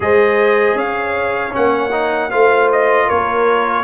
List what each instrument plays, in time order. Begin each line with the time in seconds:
0.00 tuba G#3, trombone G#4, horn C5, trumpet D#5
0.75 tuba C#4, horn C#5, trumpet F5
1.50 tuba A#3, trombone C#4, trumpet F#5
1.91 trombone D#4
2.30 tuba A3, trombone F4, horn C5, trumpet F5
2.72 trumpet D#5
3.07 tuba A#3, horn A#4, trumpet C#5